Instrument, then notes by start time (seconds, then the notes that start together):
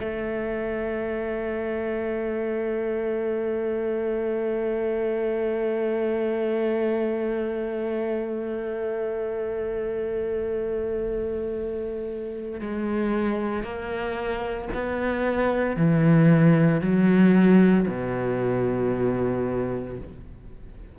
cello
0.00 A3
12.60 G#3
13.63 A#3
14.74 B3
15.76 E3
16.81 F#3
17.88 B2